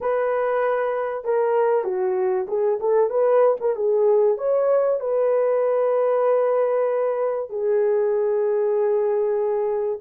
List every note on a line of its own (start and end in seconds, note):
0.00 1.24 B4
1.24 1.84 A#4
1.84 2.46 F#4
2.48 2.79 G#4
2.80 3.09 A4
3.09 3.56 B4
3.60 3.75 A#4
3.75 4.37 G#4
4.37 5.00 C#5
5.00 7.49 B4
7.49 9.99 G#4